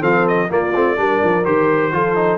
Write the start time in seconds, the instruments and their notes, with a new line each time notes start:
0.00 tuba F3, trombone C4, horn A4, trumpet F5
0.28 trumpet D#5
0.49 trombone A#3, tuba A#3, horn F4, trumpet D5
0.75 tuba A3, trombone C4
0.97 tuba G3, trombone D4, horn A#4
1.24 tuba F3
1.45 tuba D#3, trombone G4, trumpet C5
1.93 tuba F3, trombone F4, horn A4
2.15 trombone D#4